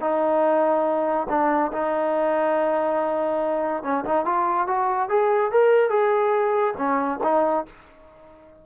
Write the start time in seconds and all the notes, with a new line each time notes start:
0.00 D#4
1.29 D4
1.72 D#4
3.83 C#4
4.04 D#4
4.25 F4
4.67 F#4
5.09 G#4
5.51 A#4
5.89 G#4
6.77 C#4
7.23 D#4